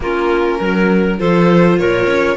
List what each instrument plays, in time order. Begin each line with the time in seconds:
0.00 cello A#3, viola C#4, clarinet F4, violin A#4
0.59 cello F#3, clarinet A#4
1.19 cello F3, viola F4, clarinet A4, violin C5
1.78 cello A#2, clarinet A#4, violin C#5
2.06 cello C#4